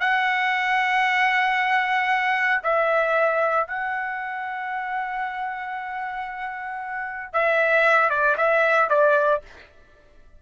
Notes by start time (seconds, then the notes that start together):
0.00 F#5
2.63 E5
3.67 F#5
7.33 E5
8.10 D5
8.37 E5
8.89 D5